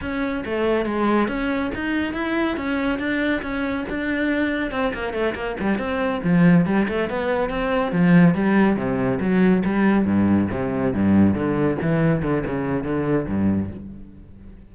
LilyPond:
\new Staff \with { instrumentName = "cello" } { \time 4/4 \tempo 4 = 140 cis'4 a4 gis4 cis'4 | dis'4 e'4 cis'4 d'4 | cis'4 d'2 c'8 ais8 | a8 ais8 g8 c'4 f4 g8 |
a8 b4 c'4 f4 g8~ | g8 c4 fis4 g4 g,8~ | g,8 c4 g,4 d4 e8~ | e8 d8 cis4 d4 g,4 | }